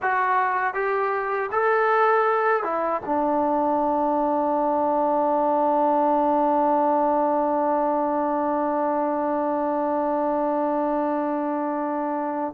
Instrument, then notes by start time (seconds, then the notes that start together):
trombone
0.01 F#4
0.74 G4
1.51 A4
2.63 E4
3.05 D4